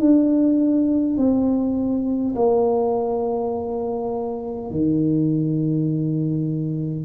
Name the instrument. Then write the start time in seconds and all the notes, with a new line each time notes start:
tuba
0.00 D4
1.17 C4
2.35 A#3
4.71 D#3